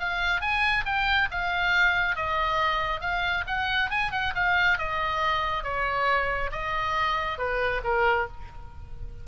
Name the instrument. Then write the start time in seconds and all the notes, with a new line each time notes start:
oboe
0.00 F5
0.42 G#5
0.86 G5
1.32 F5
2.16 D#5
3.01 F5
3.47 F#5
3.91 G#5
4.12 F#5
4.36 F5
4.78 D#5
5.64 C#5
6.52 D#5
7.38 B4
7.84 A#4